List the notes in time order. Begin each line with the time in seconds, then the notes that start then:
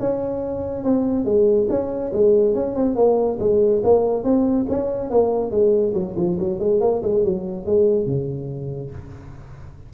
0.00 C#4
0.84 C4
1.25 G#3
1.69 C#4
2.13 G#3
2.55 C#4
2.76 C4
2.96 A#3
3.40 G#3
3.84 A#3
4.24 C4
4.69 C#4
5.10 A#3
5.51 G#3
5.94 F#3
6.17 F3
6.39 F#3
6.60 G#3
6.81 A#3
7.03 G#3
7.24 F#3
7.66 G#3
8.06 C#3